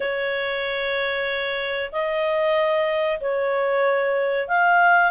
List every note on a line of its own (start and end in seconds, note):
0.00 1.90 C#5
1.91 3.19 D#5
3.20 4.47 C#5
4.47 5.11 F5